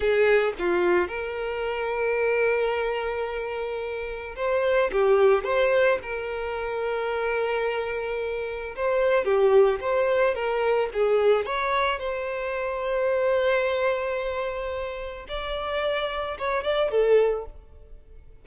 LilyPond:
\new Staff \with { instrumentName = "violin" } { \time 4/4 \tempo 4 = 110 gis'4 f'4 ais'2~ | ais'1 | c''4 g'4 c''4 ais'4~ | ais'1 |
c''4 g'4 c''4 ais'4 | gis'4 cis''4 c''2~ | c''1 | d''2 cis''8 d''8 a'4 | }